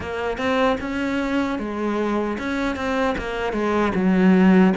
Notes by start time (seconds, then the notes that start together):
0.00 A#3
0.37 C4
0.80 C#4
1.58 G#3
2.38 C#4
2.76 C4
3.18 A#3
3.52 G#3
3.94 F#3